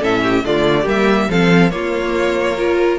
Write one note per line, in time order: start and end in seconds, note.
0.00 0.43 A2
0.00 0.43 C#4
0.00 0.22 A4
0.00 0.45 E5
0.22 0.44 G4
0.43 0.86 D3
0.43 0.85 A3
0.43 0.82 F4
0.43 0.88 D5
0.82 1.28 G3
0.82 1.28 A#3
0.82 1.25 G4
0.89 1.31 E5
1.29 1.72 F3
1.29 1.70 C4
1.29 1.72 A4
1.29 1.71 F5
1.70 2.56 A#3
1.70 2.99 A#3
1.70 2.58 F4
1.70 2.99 C#5
2.57 2.99 F4
2.57 2.99 A#4